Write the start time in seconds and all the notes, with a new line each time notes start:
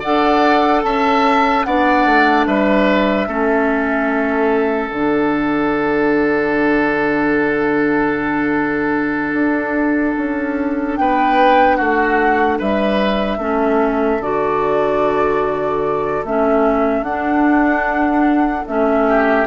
0.00 D4 A4 D5 F#5
0.83 C#4 E5 A5
1.64 B3 D4 D5 F#5
2.05 A3
2.47 G3 B4 E5
3.27 A3 C#4 A4
4.90 D3 D4 F#5
9.34 D4
10.17 C#4
10.96 B3 B4 G5
11.77 A3 F#4 F#5
12.59 G3 B4 E5
13.38 A3 C#4 A4
14.19 D3 F#4 D5
16.24 A3 C#4 E5
17.02 D4 F#5
18.67 A3 C#4 E5
19.07 G4